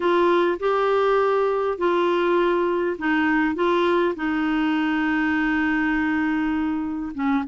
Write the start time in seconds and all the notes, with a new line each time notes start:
0.00 F4
0.59 G4
1.78 F4
2.98 D#4
3.55 F4
4.15 D#4
7.14 C#4